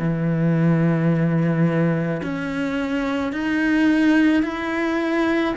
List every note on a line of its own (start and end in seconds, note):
0.00 2.22 E3
2.23 3.33 C#4
3.33 4.43 D#4
4.43 5.55 E4